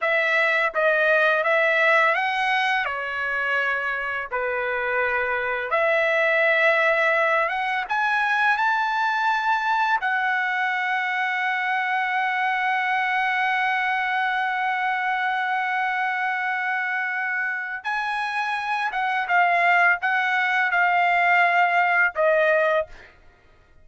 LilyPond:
\new Staff \with { instrumentName = "trumpet" } { \time 4/4 \tempo 4 = 84 e''4 dis''4 e''4 fis''4 | cis''2 b'2 | e''2~ e''8 fis''8 gis''4 | a''2 fis''2~ |
fis''1~ | fis''1~ | fis''4 gis''4. fis''8 f''4 | fis''4 f''2 dis''4 | }